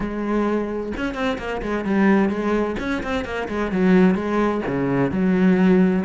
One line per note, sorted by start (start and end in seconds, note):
0.00 0.93 G#3
0.96 1.14 C#4
1.14 1.37 C4
1.38 1.61 A#3
1.62 1.85 G#3
1.85 2.29 G3
2.29 2.75 G#3
2.79 3.02 C#4
3.03 3.24 C4
3.24 3.48 A#3
3.48 3.71 G#3
3.71 4.14 F#3
4.14 4.61 G#3
4.66 5.11 C#3
5.11 6.04 F#3